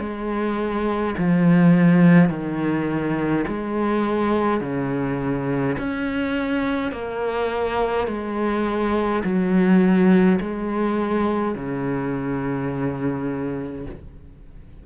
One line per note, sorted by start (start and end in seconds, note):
0.00 1.15 G#3
1.19 2.30 F3
2.30 3.45 D#3
3.48 4.61 G#3
4.61 5.76 C#3
5.78 6.92 C#4
6.92 8.08 A#3
8.08 9.24 G#3
9.25 10.40 F#3
10.41 11.55 G#3
11.55 13.86 C#3